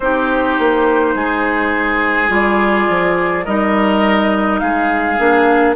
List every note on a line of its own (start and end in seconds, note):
0.00 0.58 C4
0.00 2.28 D#4
0.00 1.15 G4
0.00 2.29 C5
0.58 1.14 A#3
1.14 2.29 G#3
1.14 3.44 G#4
2.28 2.87 G3
2.28 3.43 F4
2.28 3.45 D5
2.88 3.46 F3
3.44 4.61 G3
3.44 5.18 D#4
3.44 4.60 A#4
3.44 4.59 D#5
4.59 5.18 G#3
4.59 5.75 G#4
4.59 5.74 F5
5.18 5.75 A#3
5.18 5.75 D4